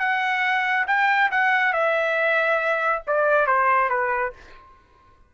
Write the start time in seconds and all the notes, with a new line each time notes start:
0.00 F#5
0.88 G5
1.31 F#5
1.74 E5
3.08 D5
3.47 C5
3.90 B4